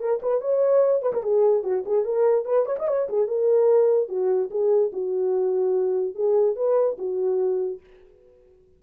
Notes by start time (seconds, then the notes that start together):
0.00 A#4
0.23 B4
0.41 C#5
1.03 B4
1.13 A#4
1.23 G#4
1.64 F#4
1.86 G#4
2.05 A#4
2.45 B4
2.66 C#5
2.79 D#5
2.88 C#5
3.09 G#4
3.28 A#4
4.09 F#4
4.51 G#4
4.93 F#4
6.16 G#4
6.56 B4
6.99 F#4